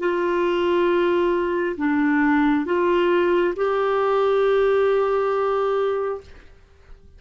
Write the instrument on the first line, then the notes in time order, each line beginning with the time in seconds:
clarinet
0.00 F4
1.78 D4
2.66 F4
3.57 G4